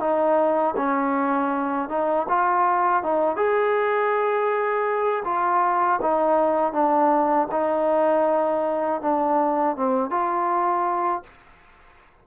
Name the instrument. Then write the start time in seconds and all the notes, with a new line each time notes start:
trombone
0.00 D#4
0.77 C#4
1.90 D#4
2.29 F4
3.03 D#4
3.36 G#4
5.25 F4
6.02 D#4
6.73 D4
7.52 D#4
9.02 D4
9.76 C4
10.11 F4